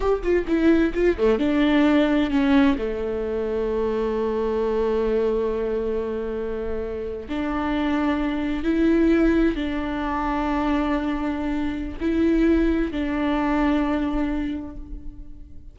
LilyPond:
\new Staff \with { instrumentName = "viola" } { \time 4/4 \tempo 4 = 130 g'8 f'8 e'4 f'8 a8 d'4~ | d'4 cis'4 a2~ | a1~ | a2.~ a8. d'16~ |
d'2~ d'8. e'4~ e'16~ | e'8. d'2.~ d'16~ | d'2 e'2 | d'1 | }